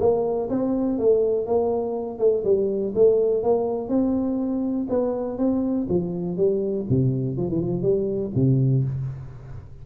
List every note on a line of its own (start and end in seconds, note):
0.00 0.49 A#3
0.49 0.99 C4
0.99 1.46 A3
1.46 2.19 A#3
2.19 2.43 A3
2.44 2.93 G3
2.95 3.43 A3
3.43 3.89 A#3
3.89 4.87 C4
4.90 5.38 B3
5.38 5.87 C4
5.89 6.37 F3
6.37 6.86 G3
6.89 7.37 C3
7.37 7.49 F3
7.49 7.61 E3
7.61 7.82 F3
7.82 8.31 G3
8.35 8.84 C3